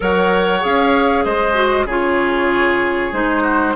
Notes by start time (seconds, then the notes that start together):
0.00 F#3 A#4 C#5 F#5
0.60 C#4 G#4 F5
1.24 G#3 C5 D#5
1.54 F#4
1.85 C#3 F4 G#4 C#5
3.12 G#3 D#4 C5
3.42 F#4